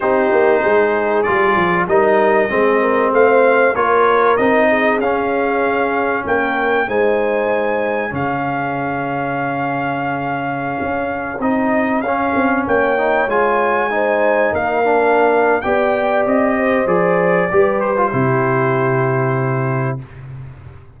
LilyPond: <<
  \new Staff \with { instrumentName = "trumpet" } { \time 4/4 \tempo 4 = 96 c''2 d''4 dis''4~ | dis''4 f''4 cis''4 dis''4 | f''2 g''4 gis''4~ | gis''4 f''2.~ |
f''2~ f''16 dis''4 f''8.~ | f''16 g''4 gis''2 f''8.~ | f''4 g''4 dis''4 d''4~ | d''8 c''2.~ c''8 | }
  \new Staff \with { instrumentName = "horn" } { \time 4/4 g'4 gis'2 ais'4 | gis'8 ais'8 c''4 ais'4. gis'8~ | gis'2 ais'4 c''4~ | c''4 gis'2.~ |
gis'1~ | gis'16 cis''2 c''4 ais'8.~ | ais'4 d''4. c''4. | b'4 g'2. | }
  \new Staff \with { instrumentName = "trombone" } { \time 4/4 dis'2 f'4 dis'4 | c'2 f'4 dis'4 | cis'2. dis'4~ | dis'4 cis'2.~ |
cis'2~ cis'16 dis'4 cis'8.~ | cis'8. dis'8 f'4 dis'4. d'16~ | d'4 g'2 gis'4 | g'8. f'16 e'2. | }
  \new Staff \with { instrumentName = "tuba" } { \time 4/4 c'8 ais8 gis4 g8 f8 g4 | gis4 a4 ais4 c'4 | cis'2 ais4 gis4~ | gis4 cis2.~ |
cis4~ cis16 cis'4 c'4 cis'8 c'16~ | c'16 ais4 gis2 ais8.~ | ais4 b4 c'4 f4 | g4 c2. | }
>>